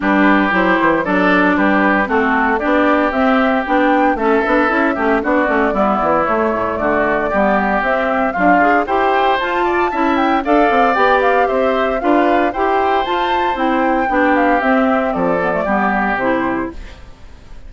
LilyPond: <<
  \new Staff \with { instrumentName = "flute" } { \time 4/4 \tempo 4 = 115 b'4 c''4 d''4 b'4 | a'4 d''4 e''4 g''4 | e''2 d''2 | cis''4 d''2 e''4 |
f''4 g''4 a''4. g''8 | f''4 g''8 f''8 e''4 f''4 | g''4 a''4 g''4. f''8 | e''4 d''2 c''4 | }
  \new Staff \with { instrumentName = "oboe" } { \time 4/4 g'2 a'4 g'4 | fis'4 g'2. | a'4. g'8 fis'4 e'4~ | e'4 fis'4 g'2 |
f'4 c''4. d''8 e''4 | d''2 c''4 b'4 | c''2. g'4~ | g'4 a'4 g'2 | }
  \new Staff \with { instrumentName = "clarinet" } { \time 4/4 d'4 e'4 d'2 | c'4 d'4 c'4 d'4 | cis'8 d'8 e'8 cis'8 d'8 cis'8 b4 | a2 b4 c'4 |
fis8 gis'8 g'4 f'4 e'4 | a'4 g'2 f'4 | g'4 f'4 e'4 d'4 | c'4. b16 a16 b4 e'4 | }
  \new Staff \with { instrumentName = "bassoon" } { \time 4/4 g4 fis8 e8 fis4 g4 | a4 b4 c'4 b4 | a8 b8 cis'8 a8 b8 a8 g8 e8 | a8 a,8 d4 g4 c'4 |
d'4 e'4 f'4 cis'4 | d'8 c'8 b4 c'4 d'4 | e'4 f'4 c'4 b4 | c'4 f4 g4 c4 | }
>>